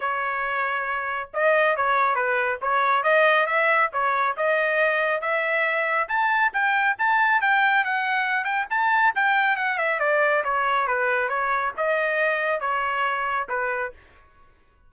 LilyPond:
\new Staff \with { instrumentName = "trumpet" } { \time 4/4 \tempo 4 = 138 cis''2. dis''4 | cis''4 b'4 cis''4 dis''4 | e''4 cis''4 dis''2 | e''2 a''4 g''4 |
a''4 g''4 fis''4. g''8 | a''4 g''4 fis''8 e''8 d''4 | cis''4 b'4 cis''4 dis''4~ | dis''4 cis''2 b'4 | }